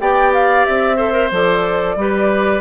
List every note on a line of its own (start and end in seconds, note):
0.00 0.65 B3
0.00 0.97 G4
0.00 0.96 D5
0.00 0.33 G5
0.33 0.65 F5
0.65 1.31 C4
0.65 1.30 E5
0.96 1.12 A4
0.96 1.94 C5
1.12 1.29 A#4
1.31 1.95 F3
1.31 1.98 A4
1.31 2.61 D5
1.95 2.61 G3
1.95 2.61 G4
1.95 2.61 B4